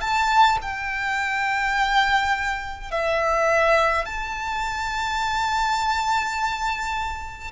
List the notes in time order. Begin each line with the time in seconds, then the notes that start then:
0.00 A5
0.61 G5
2.91 E5
4.05 A5